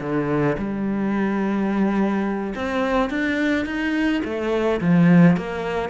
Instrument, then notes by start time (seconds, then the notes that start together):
cello
0.00 D3
0.57 G3
2.55 C4
3.10 D4
3.65 D#4
4.24 A3
4.81 F3
5.37 A#3